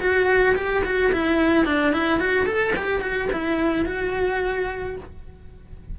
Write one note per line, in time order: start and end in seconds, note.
0.00 0.55 F#4
0.56 0.83 G4
0.85 1.12 F#4
1.13 1.65 E4
1.65 1.93 D4
1.93 2.19 E4
2.19 2.46 F#4
2.46 2.73 A4
2.76 3.01 G4
3.01 3.29 F#4
3.32 3.86 E4
3.86 4.96 F#4